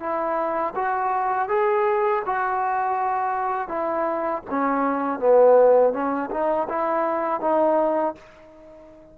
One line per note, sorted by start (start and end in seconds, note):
0.00 0.74 E4
0.76 1.49 F#4
1.49 2.23 G#4
2.26 3.69 F#4
3.69 4.43 E4
4.51 5.20 C#4
5.20 5.93 B3
5.93 6.30 C#4
6.31 6.68 D#4
6.69 7.41 E4
7.41 8.15 D#4